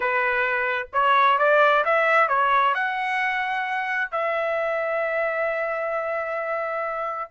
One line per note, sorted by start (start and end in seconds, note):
0.00 0.88 B4
0.93 1.38 C#5
1.38 1.84 D5
1.84 2.28 E5
2.28 2.74 C#5
2.74 4.11 F#5
4.11 7.31 E5